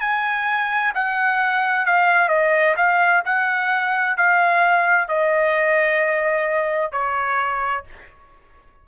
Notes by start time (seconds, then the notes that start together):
0.00 G#5
0.94 F#5
1.85 F5
2.29 D#5
2.77 F5
3.25 F#5
4.17 F5
5.08 D#5
6.91 C#5